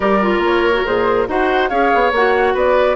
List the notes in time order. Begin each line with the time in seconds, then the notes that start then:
0.00 G3 G4 A#4 D5
0.21 F4
0.39 A#3
0.45 C#5
0.72 F#4
0.85 A#2 G#4 C5
1.27 D#4 F#4 C5 F#5
1.69 C#4 G#4 C#5 F5
1.94 B3
2.12 A#3 F#4 F#5
2.53 B3 B4 D5